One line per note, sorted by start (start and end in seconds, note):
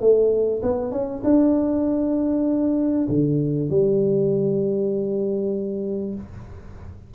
0.00 0.61 A3
0.62 0.91 B3
0.91 1.22 C#4
1.24 3.08 D4
3.09 3.70 D3
3.70 6.14 G3